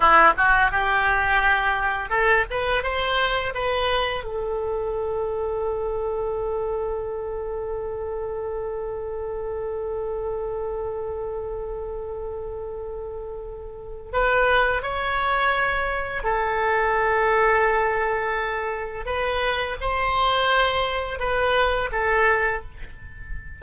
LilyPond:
\new Staff \with { instrumentName = "oboe" } { \time 4/4 \tempo 4 = 85 e'8 fis'8 g'2 a'8 b'8 | c''4 b'4 a'2~ | a'1~ | a'1~ |
a'1 | b'4 cis''2 a'4~ | a'2. b'4 | c''2 b'4 a'4 | }